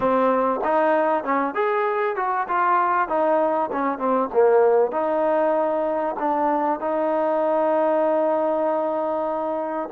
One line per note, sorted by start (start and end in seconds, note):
0.00 0.60 C4
0.64 1.24 D#4
1.24 1.54 C#4
1.54 2.16 G#4
2.16 2.47 F#4
2.47 3.08 F4
3.08 3.70 D#4
3.71 3.98 C#4
3.98 4.29 C4
4.33 4.91 A#3
4.91 6.15 D#4
6.19 6.80 D4
6.80 9.89 D#4